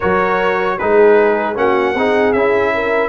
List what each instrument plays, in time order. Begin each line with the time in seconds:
0.00 tuba F#3, trombone F#4, horn A#4, trumpet C#5
0.78 tuba G#3, trombone D#4, horn G#4, trumpet B4
1.55 tuba A#3, trombone C#4, horn F#4, trumpet F#5
1.94 tuba C4, trombone D#4, horn G#4
2.32 tuba C#4, trombone E4, trumpet E5
2.74 horn A#4